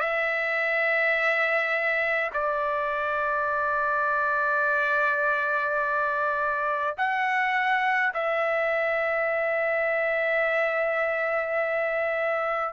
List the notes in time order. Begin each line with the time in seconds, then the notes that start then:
0.00 E5
2.33 D5
6.97 F#5
8.13 E5